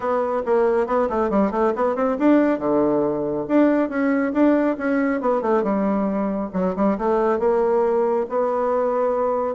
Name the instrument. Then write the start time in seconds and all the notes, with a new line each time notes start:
bassoon
0.00 B3
0.45 A#3
0.86 B3
1.09 A3
1.30 G3
1.51 A3
1.75 B3
1.95 C4
2.19 D4
2.58 D3
3.48 D4
3.89 C#4
4.33 D4
4.78 C#4
5.20 B3
5.41 A3
5.63 G3
6.53 F#3
6.76 G3
6.98 A3
7.39 A#3
8.29 B3